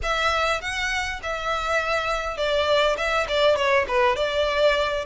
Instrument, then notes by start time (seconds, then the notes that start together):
violin
0.02 E5
0.61 F#5
1.22 E5
2.37 D5
2.97 E5
3.28 D5
3.55 C#5
3.88 B4
4.16 D5